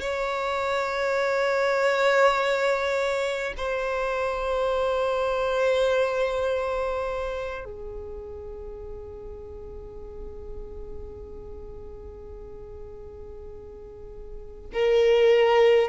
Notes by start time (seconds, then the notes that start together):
0.00 C#5
3.57 C5
7.64 G#4
14.72 A#4